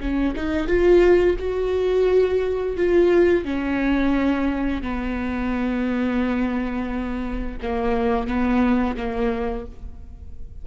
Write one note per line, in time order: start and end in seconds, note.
0.00 0.34 C#4
0.35 0.67 D#4
0.67 1.36 F4
1.39 2.76 F#4
2.76 3.44 F4
3.44 4.82 C#4
4.82 7.58 B3
7.62 8.27 A#3
8.27 8.96 B3
8.97 9.66 A#3